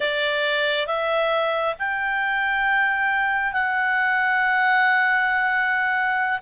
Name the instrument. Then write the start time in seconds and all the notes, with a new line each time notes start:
clarinet
0.00 D5
0.87 E5
1.78 G5
3.52 F#5